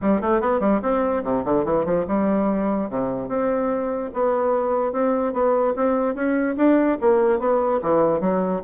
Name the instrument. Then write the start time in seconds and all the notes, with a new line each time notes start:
bassoon
0.01 G3
0.21 A3
0.41 B3
0.60 G3
0.81 C4
1.23 C3
1.44 D3
1.65 E3
1.85 F3
2.07 G3
2.89 C3
3.28 C4
4.13 B3
4.92 C4
5.33 B3
5.76 C4
6.14 C#4
6.56 D4
7.00 A#3
7.39 B3
7.81 E3
8.20 F#3